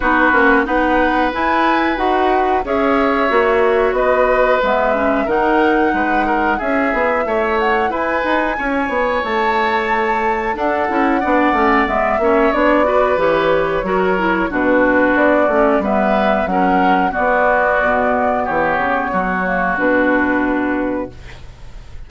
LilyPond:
<<
  \new Staff \with { instrumentName = "flute" } { \time 4/4 \tempo 4 = 91 b'4 fis''4 gis''4 fis''4 | e''2 dis''4 e''4 | fis''2 e''4. fis''8 | gis''2 a''2 |
fis''2 e''4 d''4 | cis''2 b'4 d''4 | e''4 fis''4 d''2 | cis''2 b'2 | }
  \new Staff \with { instrumentName = "oboe" } { \time 4/4 fis'4 b'2. | cis''2 b'2 | ais'4 b'8 ais'8 gis'4 cis''4 | b'4 cis''2. |
a'4 d''4. cis''4 b'8~ | b'4 ais'4 fis'2 | b'4 ais'4 fis'2 | g'4 fis'2. | }
  \new Staff \with { instrumentName = "clarinet" } { \time 4/4 dis'8 cis'8 dis'4 e'4 fis'4 | gis'4 fis'2 b8 cis'8 | dis'2 e'2~ | e'1 |
d'8 e'8 d'8 cis'8 b8 cis'8 d'8 fis'8 | g'4 fis'8 e'8 d'4. cis'8 | b4 cis'4 b2~ | b4. ais8 d'2 | }
  \new Staff \with { instrumentName = "bassoon" } { \time 4/4 b8 ais8 b4 e'4 dis'4 | cis'4 ais4 b4 gis4 | dis4 gis4 cis'8 b8 a4 | e'8 dis'8 cis'8 b8 a2 |
d'8 cis'8 b8 a8 gis8 ais8 b4 | e4 fis4 b,4 b8 a8 | g4 fis4 b4 b,4 | e8 cis8 fis4 b,2 | }
>>